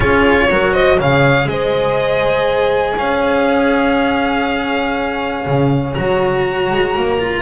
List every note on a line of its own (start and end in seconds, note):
0.00 0.49 C#4
0.00 0.48 F4
0.00 0.48 G#4
0.00 0.73 C#5
0.49 0.99 F#3
0.49 0.98 F#4
0.49 0.73 A#4
0.73 0.97 C5
0.73 0.98 D#5
0.97 1.45 C#3
0.97 5.93 G#4
0.97 1.47 C#5
0.97 1.48 F5
1.45 2.94 G#3
1.45 2.96 C5
1.45 2.96 D#5
2.96 5.45 C#4
2.96 7.41 C#5
2.96 5.94 F5
5.46 5.96 C#3
5.94 6.70 F#3
5.94 7.18 F#4
5.94 7.41 A#5
6.70 6.95 G#3
6.95 7.41 A#3
7.19 7.41 F4